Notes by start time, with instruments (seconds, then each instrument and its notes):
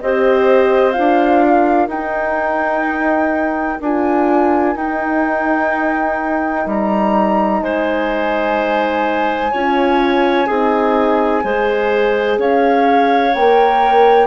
0.00 bassoon C4, horn G4, clarinet C5, flute D#5
0.91 horn F4, flute F5
0.98 bassoon D4
1.46 clarinet A#4
1.87 bassoon D#4, horn D#4, flute G5
3.81 bassoon D4, horn F4, flute G#5
4.75 bassoon D#4, horn D#4, flute G5
6.66 bassoon G3, flute A#5
7.61 bassoon G#3, clarinet C5, flute G#5
9.51 bassoon C#4, horn F4, clarinet C#5
10.47 bassoon C4, horn D#4, clarinet G#4
11.43 bassoon G#3, horn G#4, clarinet C5
12.37 bassoon C#4, clarinet C#5, flute F5
13.34 bassoon A#3, horn A#4, flute G5